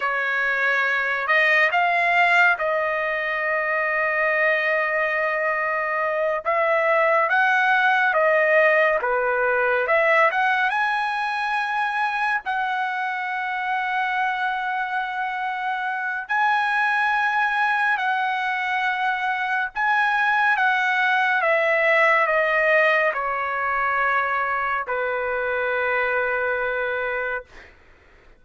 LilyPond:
\new Staff \with { instrumentName = "trumpet" } { \time 4/4 \tempo 4 = 70 cis''4. dis''8 f''4 dis''4~ | dis''2.~ dis''8 e''8~ | e''8 fis''4 dis''4 b'4 e''8 | fis''8 gis''2 fis''4.~ |
fis''2. gis''4~ | gis''4 fis''2 gis''4 | fis''4 e''4 dis''4 cis''4~ | cis''4 b'2. | }